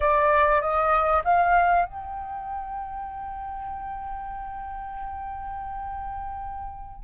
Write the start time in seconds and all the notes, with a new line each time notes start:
0.00 D5
0.61 D#5
1.24 F5
1.85 G5